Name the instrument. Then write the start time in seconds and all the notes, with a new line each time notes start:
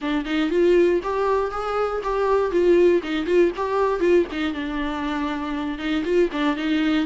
viola
0.01 D4
0.25 D#4
0.50 F4
1.03 G4
1.51 G#4
2.03 G4
2.51 F4
3.02 D#4
3.25 F4
3.56 G4
4.00 F4
4.31 D#4
4.53 D4
5.78 D#4
6.04 F4
6.32 D4
6.56 D#4